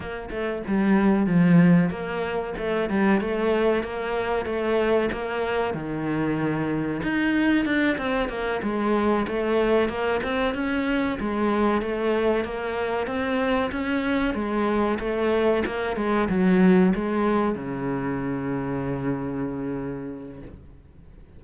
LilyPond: \new Staff \with { instrumentName = "cello" } { \time 4/4 \tempo 4 = 94 ais8 a8 g4 f4 ais4 | a8 g8 a4 ais4 a4 | ais4 dis2 dis'4 | d'8 c'8 ais8 gis4 a4 ais8 |
c'8 cis'4 gis4 a4 ais8~ | ais8 c'4 cis'4 gis4 a8~ | a8 ais8 gis8 fis4 gis4 cis8~ | cis1 | }